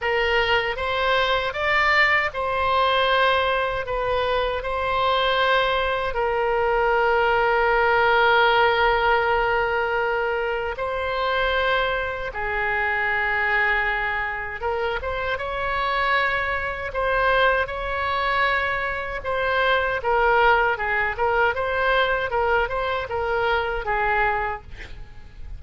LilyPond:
\new Staff \with { instrumentName = "oboe" } { \time 4/4 \tempo 4 = 78 ais'4 c''4 d''4 c''4~ | c''4 b'4 c''2 | ais'1~ | ais'2 c''2 |
gis'2. ais'8 c''8 | cis''2 c''4 cis''4~ | cis''4 c''4 ais'4 gis'8 ais'8 | c''4 ais'8 c''8 ais'4 gis'4 | }